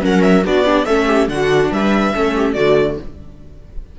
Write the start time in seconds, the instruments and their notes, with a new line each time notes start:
0.00 cello F#3, viola C#4 A#4, violin F#5
0.22 violin E5
0.44 cello B3, viola D4 F#4, violin D5
0.63 viola D4 G4
0.85 cello A3, viola C#4 A4, violin E5
1.06 viola G4
1.28 cello D3, viola D4 F#4, violin F#5
1.71 cello G3, viola B4, violin E5
2.14 cello A3, viola C#4 A4
2.36 viola G4
2.53 cello D3, viola A3 F#4, violin D5